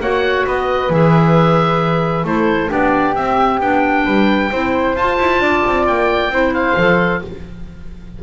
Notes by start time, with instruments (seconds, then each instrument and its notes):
0.00 double bass A#3, clarinet F#4, flute C#5, oboe F#5
0.46 double bass B3, flute B4, oboe D#5
0.90 double bass E3, clarinet G#4, oboe E5
2.24 double bass A3, clarinet E4, flute A4, oboe C5
2.68 double bass B3, clarinet D4, flute G4, oboe D5
3.15 double bass C4, clarinet C4, oboe E5
3.60 double bass B3, clarinet D4, oboe G5
4.05 double bass G3, flute B4
4.51 double bass C4, clarinet E4, flute C5
4.95 double bass F4, clarinet F4, oboe A5
5.19 double bass E4
5.40 double bass D4, flute D5
5.66 double bass C4
5.87 double bass A#3, oboe G5
6.29 double bass C4, clarinet E4, flute C5
6.54 oboe F5
6.76 double bass F3, clarinet A4